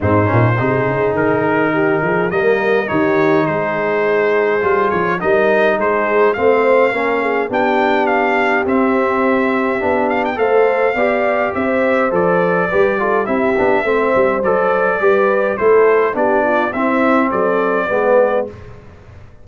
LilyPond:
<<
  \new Staff \with { instrumentName = "trumpet" } { \time 4/4 \tempo 4 = 104 c''2 ais'2 | dis''4 cis''4 c''2~ | c''8 cis''8 dis''4 c''4 f''4~ | f''4 g''4 f''4 e''4~ |
e''4. f''16 g''16 f''2 | e''4 d''2 e''4~ | e''4 d''2 c''4 | d''4 e''4 d''2 | }
  \new Staff \with { instrumentName = "horn" } { \time 4/4 dis'4 gis'2 g'8 gis'8 | ais'4 g'4 gis'2~ | gis'4 ais'4 gis'4 c''4 | ais'8 gis'8 g'2.~ |
g'2 c''4 d''4 | c''2 b'8 a'8 g'4 | c''2 b'4 a'4 | g'8 f'8 e'4 a'4 b'4 | }
  \new Staff \with { instrumentName = "trombone" } { \time 4/4 c'8 cis'8 dis'2. | ais4 dis'2. | f'4 dis'2 c'4 | cis'4 d'2 c'4~ |
c'4 d'4 a'4 g'4~ | g'4 a'4 g'8 f'8 e'8 d'8 | c'4 a'4 g'4 e'4 | d'4 c'2 b4 | }
  \new Staff \with { instrumentName = "tuba" } { \time 4/4 gis,8 ais,8 c8 cis8 dis4. f8 | g4 dis4 gis2 | g8 f8 g4 gis4 a4 | ais4 b2 c'4~ |
c'4 b4 a4 b4 | c'4 f4 g4 c'8 b8 | a8 g8 fis4 g4 a4 | b4 c'4 fis4 gis4 | }
>>